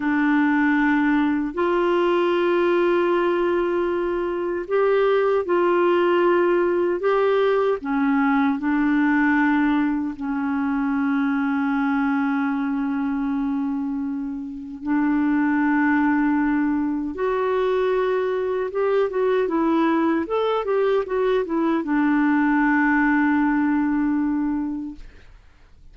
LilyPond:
\new Staff \with { instrumentName = "clarinet" } { \time 4/4 \tempo 4 = 77 d'2 f'2~ | f'2 g'4 f'4~ | f'4 g'4 cis'4 d'4~ | d'4 cis'2.~ |
cis'2. d'4~ | d'2 fis'2 | g'8 fis'8 e'4 a'8 g'8 fis'8 e'8 | d'1 | }